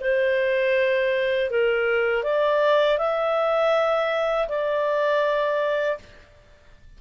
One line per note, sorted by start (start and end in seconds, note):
0.00 1.50 C5
1.50 2.23 A#4
2.23 2.98 D5
2.98 4.48 E5
4.48 5.98 D5